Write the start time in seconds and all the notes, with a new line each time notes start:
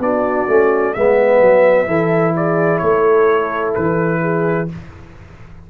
0.00 B3 D4 F#4 D5
0.48 A3 C#4
0.94 G#3 B3 B4 E5
1.41 F#3
1.87 E3 E4 A4
2.35 G#4 D5
2.79 A3 A4 C#5
3.75 E3 B4
4.22 G#4